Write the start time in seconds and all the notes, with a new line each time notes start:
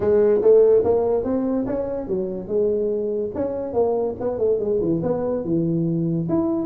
0.00 G#3
0.41 A3
0.84 A#3
1.23 C4
1.66 C#4
2.07 F#3
2.47 G#3
3.34 C#4
3.73 A#3
4.20 B3
4.38 A3
4.59 G#3
4.80 E3
5.02 B3
5.44 E3
6.28 E4